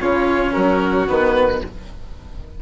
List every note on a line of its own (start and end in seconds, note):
0.00 0.56 C#3
0.00 1.08 C#4
0.00 0.53 F4
0.00 0.53 C#5
0.53 1.09 F#3
0.53 1.60 F#4
0.53 1.06 A#4
1.08 1.62 D#3
1.08 1.61 B3
1.08 1.62 B4